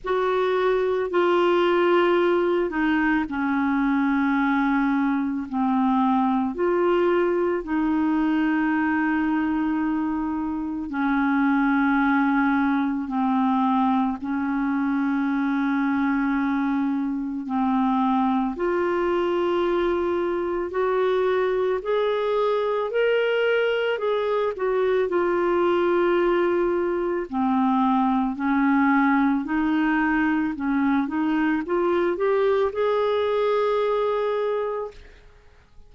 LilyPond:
\new Staff \with { instrumentName = "clarinet" } { \time 4/4 \tempo 4 = 55 fis'4 f'4. dis'8 cis'4~ | cis'4 c'4 f'4 dis'4~ | dis'2 cis'2 | c'4 cis'2. |
c'4 f'2 fis'4 | gis'4 ais'4 gis'8 fis'8 f'4~ | f'4 c'4 cis'4 dis'4 | cis'8 dis'8 f'8 g'8 gis'2 | }